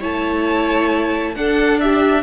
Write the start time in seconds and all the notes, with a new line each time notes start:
0.00 A3 E4 C#5 A5
1.36 D4 A4 F#5
1.81 G4 E5